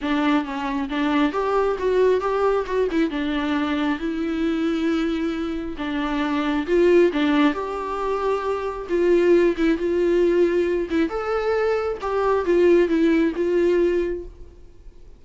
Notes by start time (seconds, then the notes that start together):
0.01 D4
0.44 C#4
0.89 D4
1.32 G4
1.78 F#4
2.20 G4
2.66 F#4
2.91 E4
3.10 D4
3.98 E4
5.77 D4
6.66 F4
7.12 D4
7.53 G4
8.89 F4
9.57 E4
9.77 F4
10.89 E4
11.09 A4
12.01 G4
12.45 F4
12.88 E4
13.35 F4